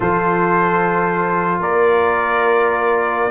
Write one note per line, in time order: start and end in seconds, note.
0.00 1.58 F3
0.00 3.31 F4
0.00 1.61 A4
0.00 1.61 C5
1.59 3.30 A#3
1.59 3.31 A#4
1.59 3.31 D5